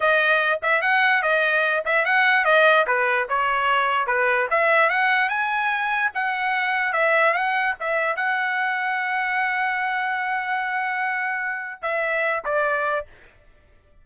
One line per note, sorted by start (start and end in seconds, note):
0.00 0.60 D#5
0.62 0.81 E5
0.81 1.22 F#5
1.22 1.83 D#5
1.85 2.05 E5
2.05 2.45 F#5
2.45 2.85 D#5
2.86 3.27 B4
3.29 4.06 C#5
4.06 4.47 B4
4.50 4.89 E5
4.89 5.29 F#5
5.29 6.11 G#5
6.14 6.92 F#5
6.92 7.33 E5
7.33 7.74 F#5
7.80 8.16 E5
8.16 11.81 F#5
11.81 12.43 E5
12.45 13.06 D5